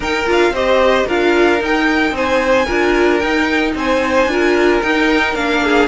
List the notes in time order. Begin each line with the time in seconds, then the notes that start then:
0.00 D#4 A#4 G5
0.26 D4 F4 F5
0.50 C4 G4 C5 D#5
1.06 D4 F4 A#4 F5
1.58 D#4 G5
2.11 C4 C5 G#5
2.65 D4 F4 A#4
3.18 D#4 G5
3.74 C4 C5 G#5
4.26 D4 F4 A#4
4.81 D#4 G5
5.34 A#3 D4 F5
5.63 G#4